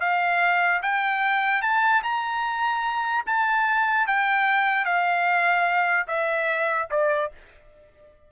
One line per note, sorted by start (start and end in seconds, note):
0.00 0.81 F5
0.82 1.61 G5
1.61 2.02 A5
2.03 3.25 A#5
3.26 4.07 A5
4.07 4.85 G5
4.85 6.06 F5
6.07 6.88 E5
6.90 7.31 D5